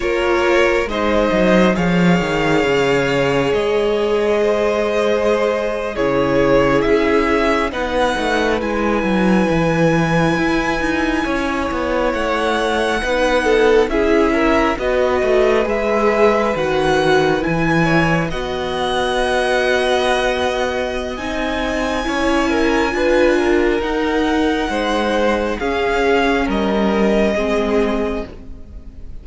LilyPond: <<
  \new Staff \with { instrumentName = "violin" } { \time 4/4 \tempo 4 = 68 cis''4 dis''4 f''2 | dis''2~ dis''8. cis''4 e''16~ | e''8. fis''4 gis''2~ gis''16~ | gis''4.~ gis''16 fis''2 e''16~ |
e''8. dis''4 e''4 fis''4 gis''16~ | gis''8. fis''2.~ fis''16 | gis''2. fis''4~ | fis''4 f''4 dis''2 | }
  \new Staff \with { instrumentName = "violin" } { \time 4/4 ais'4 c''4 cis''2~ | cis''4 c''4.~ c''16 gis'4~ gis'16~ | gis'8. b'2.~ b'16~ | b'8. cis''2 b'8 a'8 gis'16~ |
gis'16 ais'8 b'2.~ b'16~ | b'16 cis''8 dis''2.~ dis''16~ | dis''4 cis''8 ais'8 b'8 ais'4. | c''4 gis'4 ais'4 gis'4 | }
  \new Staff \with { instrumentName = "viola" } { \time 4/4 f'4 dis'4 gis'2~ | gis'2~ gis'8. e'4~ e'16~ | e'8. dis'4 e'2~ e'16~ | e'2~ e'8. dis'4 e'16~ |
e'8. fis'4 gis'4 fis'4 e'16~ | e'8. fis'2.~ fis'16 | dis'4 e'4 f'4 dis'4~ | dis'4 cis'2 c'4 | }
  \new Staff \with { instrumentName = "cello" } { \time 4/4 ais4 gis8 fis8 f8 dis8 cis4 | gis2~ gis8. cis4 cis'16~ | cis'8. b8 a8 gis8 fis8 e4 e'16~ | e'16 dis'8 cis'8 b8 a4 b4 cis'16~ |
cis'8. b8 a8 gis4 dis4 e16~ | e8. b2.~ b16 | c'4 cis'4 d'4 dis'4 | gis4 cis'4 g4 gis4 | }
>>